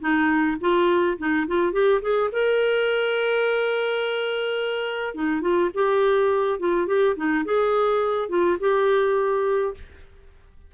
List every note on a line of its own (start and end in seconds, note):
0.00 0.57 D#4
0.61 1.18 F4
1.18 1.47 D#4
1.47 1.73 F4
1.73 2.01 G4
2.02 2.30 G#4
2.32 5.15 A#4
5.15 5.42 D#4
5.42 5.70 F4
5.74 6.59 G4
6.59 6.87 F4
6.87 7.16 G4
7.16 7.45 D#4
7.45 8.29 G#4
8.29 8.58 F4
8.60 9.74 G4